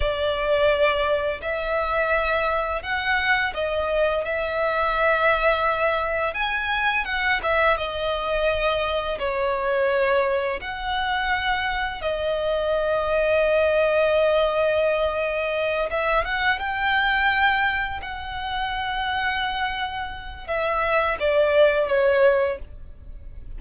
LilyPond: \new Staff \with { instrumentName = "violin" } { \time 4/4 \tempo 4 = 85 d''2 e''2 | fis''4 dis''4 e''2~ | e''4 gis''4 fis''8 e''8 dis''4~ | dis''4 cis''2 fis''4~ |
fis''4 dis''2.~ | dis''2~ dis''8 e''8 fis''8 g''8~ | g''4. fis''2~ fis''8~ | fis''4 e''4 d''4 cis''4 | }